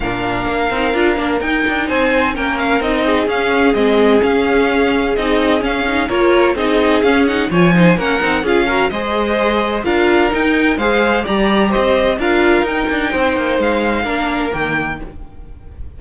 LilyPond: <<
  \new Staff \with { instrumentName = "violin" } { \time 4/4 \tempo 4 = 128 f''2. g''4 | gis''4 g''8 f''8 dis''4 f''4 | dis''4 f''2 dis''4 | f''4 cis''4 dis''4 f''8 fis''8 |
gis''4 fis''4 f''4 dis''4~ | dis''4 f''4 g''4 f''4 | ais''4 dis''4 f''4 g''4~ | g''4 f''2 g''4 | }
  \new Staff \with { instrumentName = "violin" } { \time 4/4 ais'1 | c''4 ais'4. gis'4.~ | gis'1~ | gis'4 ais'4 gis'2 |
cis''8 c''8 ais'4 gis'8 ais'8 c''4~ | c''4 ais'2 c''4 | d''4 c''4 ais'2 | c''2 ais'2 | }
  \new Staff \with { instrumentName = "viola" } { \time 4/4 d'4. dis'8 f'8 d'8 dis'4~ | dis'4 cis'4 dis'4 cis'4 | c'4 cis'2 dis'4 | cis'8 dis'8 f'4 dis'4 cis'8 dis'8 |
f'8 dis'8 cis'8 dis'8 f'8 fis'8 gis'4~ | gis'4 f'4 dis'4 gis'4 | g'2 f'4 dis'4~ | dis'2 d'4 ais4 | }
  \new Staff \with { instrumentName = "cello" } { \time 4/4 ais,4 ais8 c'8 d'8 ais8 dis'8 d'8 | c'4 ais4 c'4 cis'4 | gis4 cis'2 c'4 | cis'4 ais4 c'4 cis'4 |
f4 ais8 c'8 cis'4 gis4~ | gis4 d'4 dis'4 gis4 | g4 c'4 d'4 dis'8 d'8 | c'8 ais8 gis4 ais4 dis4 | }
>>